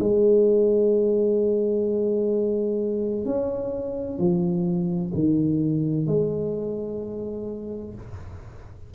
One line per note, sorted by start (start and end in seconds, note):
0.00 3.26 G#3
3.26 4.18 C#4
4.18 5.12 F3
5.14 6.07 D#3
6.07 7.95 G#3